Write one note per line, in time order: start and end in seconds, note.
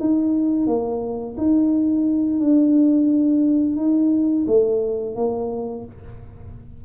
0.00 0.67 D#4
0.67 1.36 A#3
1.38 2.40 D#4
2.40 3.76 D4
3.76 4.45 D#4
4.47 5.16 A3
5.16 5.85 A#3